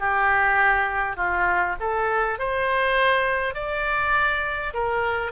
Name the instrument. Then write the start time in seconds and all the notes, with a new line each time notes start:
oboe
0.00 G4
1.17 F4
1.80 A4
2.39 C5
3.55 D5
4.74 A#4